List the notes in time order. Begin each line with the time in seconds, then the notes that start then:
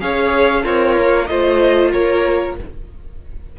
0.00 C#4 G#4 C#5 F5
0.63 C4 F4 A#4 C#5
0.97 A#3
1.26 A3 F4 C5 D#5
1.92 A#3 A#4 C#5